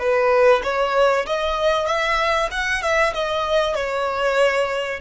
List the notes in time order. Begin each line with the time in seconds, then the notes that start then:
0.00 B4
0.64 C#5
1.26 D#5
1.87 E5
2.51 F#5
2.83 E5
3.14 D#5
3.75 C#5